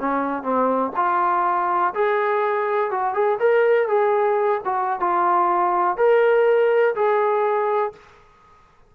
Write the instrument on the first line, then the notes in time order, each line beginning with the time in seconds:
trombone
0.00 C#4
0.43 C4
0.96 F4
1.95 G#4
2.91 F#4
3.14 G#4
3.40 A#4
3.88 G#4
4.65 F#4
5.00 F4
5.98 A#4
6.95 G#4